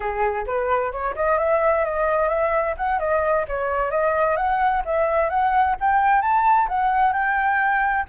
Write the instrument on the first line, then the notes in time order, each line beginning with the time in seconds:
flute
0.00 G#4
0.46 B4
0.91 C#5
1.15 D#5
1.38 E5
1.84 D#5
2.28 E5
2.77 F#5
2.99 D#5
3.47 C#5
3.90 D#5
4.36 F#5
4.85 E5
5.29 F#5
5.80 G5
6.21 A5
6.68 F#5
7.12 G5